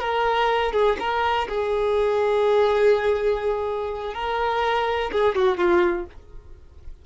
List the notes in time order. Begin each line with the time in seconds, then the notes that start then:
0.00 A#4
0.73 G#4
1.00 A#4
1.49 G#4
4.14 A#4
5.12 G#4
5.36 F#4
5.58 F4